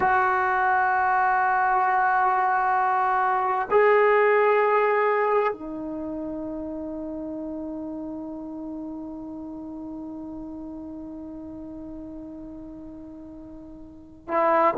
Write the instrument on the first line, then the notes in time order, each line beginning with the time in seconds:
trombone
0.00 F#4
3.70 G#4
5.53 D#4
14.28 E4